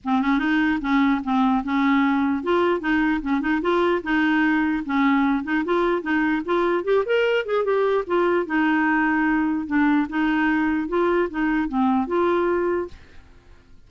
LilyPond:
\new Staff \with { instrumentName = "clarinet" } { \time 4/4 \tempo 4 = 149 c'8 cis'8 dis'4 cis'4 c'4 | cis'2 f'4 dis'4 | cis'8 dis'8 f'4 dis'2 | cis'4. dis'8 f'4 dis'4 |
f'4 g'8 ais'4 gis'8 g'4 | f'4 dis'2. | d'4 dis'2 f'4 | dis'4 c'4 f'2 | }